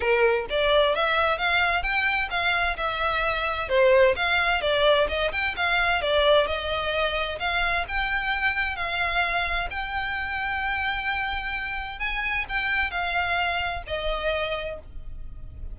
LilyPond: \new Staff \with { instrumentName = "violin" } { \time 4/4 \tempo 4 = 130 ais'4 d''4 e''4 f''4 | g''4 f''4 e''2 | c''4 f''4 d''4 dis''8 g''8 | f''4 d''4 dis''2 |
f''4 g''2 f''4~ | f''4 g''2.~ | g''2 gis''4 g''4 | f''2 dis''2 | }